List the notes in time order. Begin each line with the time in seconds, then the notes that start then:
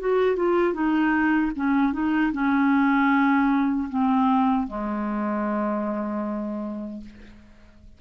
0.00 F#4
0.36 F4
0.74 D#4
1.56 C#4
1.93 D#4
2.33 C#4
3.90 C4
4.68 G#3